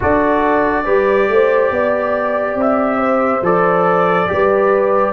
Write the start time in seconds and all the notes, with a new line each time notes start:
0.00 D4 F#4 A4 D5
0.84 G3 G4 B4
1.28 A3 C5
1.71 B3 D5
2.55 C4 E5
2.97 C5
3.41 F3 A4 D5
4.27 G3 G4 B4